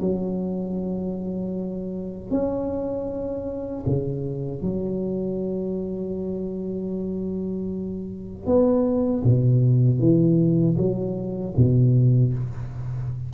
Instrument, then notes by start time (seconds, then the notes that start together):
tuba
0.00 F#3
2.31 C#4
3.86 C#3
4.62 F#3
8.46 B3
9.23 B2
9.99 E3
10.77 F#3
11.56 B2